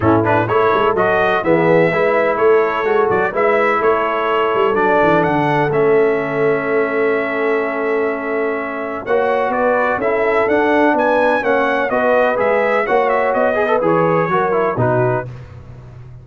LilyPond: <<
  \new Staff \with { instrumentName = "trumpet" } { \time 4/4 \tempo 4 = 126 a'8 b'8 cis''4 dis''4 e''4~ | e''4 cis''4. d''8 e''4 | cis''2 d''4 fis''4 | e''1~ |
e''2. fis''4 | d''4 e''4 fis''4 gis''4 | fis''4 dis''4 e''4 fis''8 e''8 | dis''4 cis''2 b'4 | }
  \new Staff \with { instrumentName = "horn" } { \time 4/4 e'4 a'2 gis'4 | b'4 a'2 b'4 | a'1~ | a'1~ |
a'2. cis''4 | b'4 a'2 b'4 | cis''4 b'2 cis''4~ | cis''8 b'4. ais'4 fis'4 | }
  \new Staff \with { instrumentName = "trombone" } { \time 4/4 cis'8 d'8 e'4 fis'4 b4 | e'2 fis'4 e'4~ | e'2 d'2 | cis'1~ |
cis'2. fis'4~ | fis'4 e'4 d'2 | cis'4 fis'4 gis'4 fis'4~ | fis'8 gis'16 a'16 gis'4 fis'8 e'8 dis'4 | }
  \new Staff \with { instrumentName = "tuba" } { \time 4/4 a,4 a8 gis8 fis4 e4 | gis4 a4 gis8 fis8 gis4 | a4. g8 fis8 e8 d4 | a1~ |
a2. ais4 | b4 cis'4 d'4 b4 | ais4 b4 gis4 ais4 | b4 e4 fis4 b,4 | }
>>